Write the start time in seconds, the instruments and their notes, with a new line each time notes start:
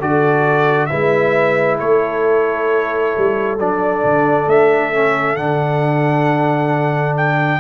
0.00 tuba D3, trombone F#4, horn A4, trumpet D5
0.86 tuba G#3, trombone E4, horn B4, trumpet E5
1.79 tuba A3, horn A4, trumpet C#5
3.17 tuba G3
3.58 tuba F#3, trombone D4, trumpet D5
4.04 tuba D3
4.47 tuba A3, trumpet E5
4.93 trombone C#4
5.36 tuba D3, trombone D4, trumpet F#5
7.17 trumpet G5